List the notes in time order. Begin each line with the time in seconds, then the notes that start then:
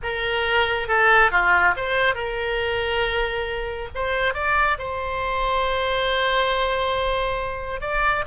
0.02 A#4
0.88 A4
1.31 F4
1.76 C5
2.15 A#4
3.94 C5
4.34 D5
4.78 C5
7.80 D5